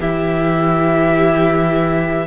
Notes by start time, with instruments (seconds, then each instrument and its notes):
0.00 cello E3, viola E4, violin G4 E5